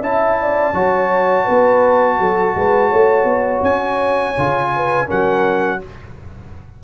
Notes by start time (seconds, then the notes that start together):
0.00 C#4 E4 E5 A5
0.41 D5
0.73 F#3 F#4 C#5
1.44 B3 B4
2.19 F#3 A4
2.55 G#3 B4
2.89 A3 C#5
3.24 B3
3.62 C#4 G#5
4.38 C#3 F4
4.75 B4
5.06 F#3 C#4 A#4 F#5